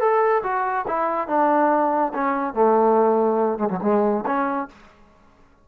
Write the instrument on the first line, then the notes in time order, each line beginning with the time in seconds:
trombone
0.00 A4
0.43 F#4
0.87 E4
1.28 D4
2.14 C#4
2.54 A3
3.58 G#3
3.69 F#3
3.82 G#3
4.26 C#4